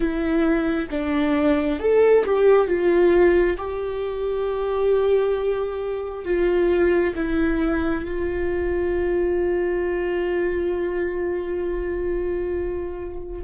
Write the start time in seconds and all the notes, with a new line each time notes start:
0.00 E4
0.90 D4
1.79 A4
2.25 G4
2.67 F4
3.57 G4
6.24 F4
7.15 E4
8.04 F4